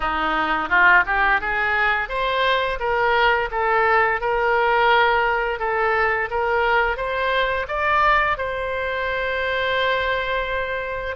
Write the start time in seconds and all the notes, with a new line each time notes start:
0.00 D#4
0.69 F4
1.06 G4
1.40 G#4
2.09 C5
2.79 A#4
3.51 A4
4.20 A#4
5.59 A4
6.30 A#4
6.96 C5
7.67 D5
8.37 C5